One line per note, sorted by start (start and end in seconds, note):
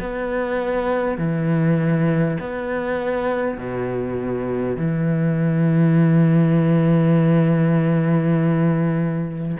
0.00 1.17 B3
1.17 2.37 E3
2.40 3.58 B3
3.58 4.77 B2
4.77 9.57 E3